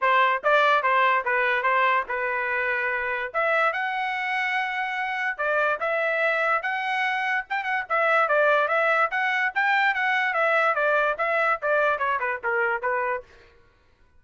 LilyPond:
\new Staff \with { instrumentName = "trumpet" } { \time 4/4 \tempo 4 = 145 c''4 d''4 c''4 b'4 | c''4 b'2. | e''4 fis''2.~ | fis''4 d''4 e''2 |
fis''2 g''8 fis''8 e''4 | d''4 e''4 fis''4 g''4 | fis''4 e''4 d''4 e''4 | d''4 cis''8 b'8 ais'4 b'4 | }